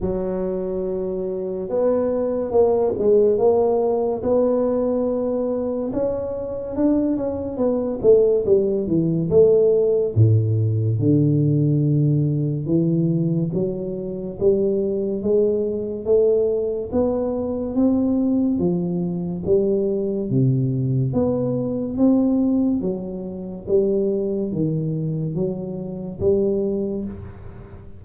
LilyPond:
\new Staff \with { instrumentName = "tuba" } { \time 4/4 \tempo 4 = 71 fis2 b4 ais8 gis8 | ais4 b2 cis'4 | d'8 cis'8 b8 a8 g8 e8 a4 | a,4 d2 e4 |
fis4 g4 gis4 a4 | b4 c'4 f4 g4 | c4 b4 c'4 fis4 | g4 dis4 fis4 g4 | }